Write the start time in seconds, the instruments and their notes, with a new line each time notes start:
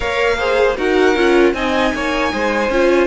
0.00 cello A#3, viola A#4, violin C#5 F5
0.38 viola G#4, violin C5
0.76 cello D#4, viola F#4, violin A#4 F#5
1.15 cello C#4, viola F4
1.53 cello C4, viola D#4, violin D#5 G#5
1.94 cello A#3, violin C#5
2.33 cello G#3, violin C5
2.69 cello C#4, viola F4